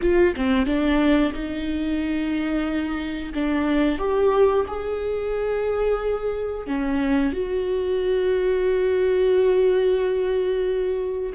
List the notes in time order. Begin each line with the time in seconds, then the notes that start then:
0.01 F4
0.35 C4
0.65 D4
1.33 D#4
3.33 D4
3.98 G4
4.67 G#4
6.66 C#4
7.32 F#4